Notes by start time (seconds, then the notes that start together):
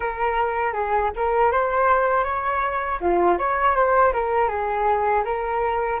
0.00 A#4
0.73 G#4
1.16 A#4
1.51 C5
2.24 C#5
3.00 F4
3.38 C#5
3.75 C5
4.12 A#4
4.48 G#4
5.24 A#4